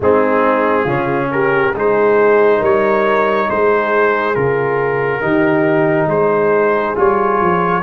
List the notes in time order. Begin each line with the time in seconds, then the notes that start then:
0.00 G#3 C4 D#4 G#4
0.83 C#3 C#4 F4
1.31 G4 A#4
1.74 G#3 D#4 G#4 C5
2.59 G3 A#4 C#5
3.48 G#3 G#4 C5
4.34 C#3 F4 A#4
5.20 D#3 D#4 G4
6.06 G#3 G#4 C5
6.95 G3 F4 C#5
7.40 F3